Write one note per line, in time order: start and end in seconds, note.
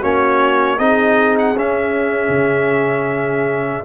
0.00 0.79 A#3
0.00 0.78 C#4
0.00 0.77 F#4
0.00 0.79 C#5
0.78 1.56 C4
0.78 1.56 D#4
0.78 3.85 G#4
0.78 1.37 D#5
1.39 1.58 F#5
1.56 2.29 C#4
1.56 3.85 C#4
1.56 3.85 E5
2.29 3.83 C#3